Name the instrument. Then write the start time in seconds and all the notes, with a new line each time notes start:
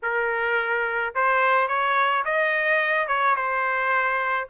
trumpet
0.02 A#4
1.14 C5
1.67 C#5
2.24 D#5
3.07 C#5
3.35 C5